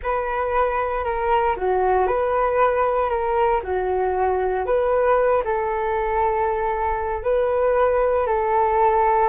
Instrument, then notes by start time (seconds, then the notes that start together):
flute
0.03 B4
1.04 A#4
1.57 F#4
2.07 B4
3.09 A#4
3.63 F#4
4.66 B4
5.44 A4
7.23 B4
8.26 A4